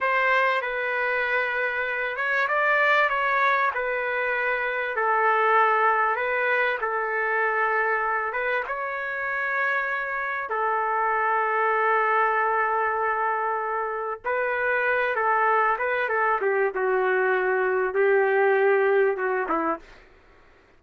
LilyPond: \new Staff \with { instrumentName = "trumpet" } { \time 4/4 \tempo 4 = 97 c''4 b'2~ b'8 cis''8 | d''4 cis''4 b'2 | a'2 b'4 a'4~ | a'4. b'8 cis''2~ |
cis''4 a'2.~ | a'2. b'4~ | b'8 a'4 b'8 a'8 g'8 fis'4~ | fis'4 g'2 fis'8 e'8 | }